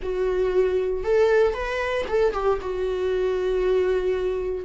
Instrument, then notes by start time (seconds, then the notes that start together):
viola
0.02 F#4
1.03 A4
1.53 B4
2.08 A4
2.33 G4
2.61 F#4